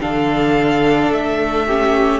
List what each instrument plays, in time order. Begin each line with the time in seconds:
0.00 cello D3, viola D4, violin A4 F5
1.10 cello A3, violin E5
1.66 viola C#4, violin G4